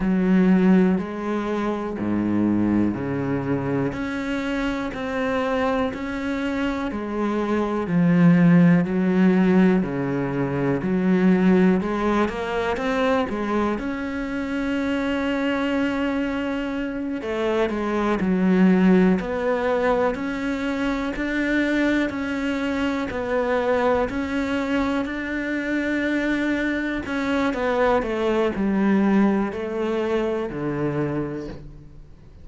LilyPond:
\new Staff \with { instrumentName = "cello" } { \time 4/4 \tempo 4 = 61 fis4 gis4 gis,4 cis4 | cis'4 c'4 cis'4 gis4 | f4 fis4 cis4 fis4 | gis8 ais8 c'8 gis8 cis'2~ |
cis'4. a8 gis8 fis4 b8~ | b8 cis'4 d'4 cis'4 b8~ | b8 cis'4 d'2 cis'8 | b8 a8 g4 a4 d4 | }